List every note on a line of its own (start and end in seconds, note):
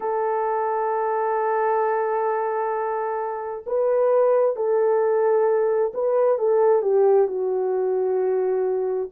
0.00 3.64 A4
3.66 4.55 B4
4.55 5.92 A4
5.93 6.38 B4
6.38 6.82 A4
6.82 7.27 G4
7.27 9.09 F#4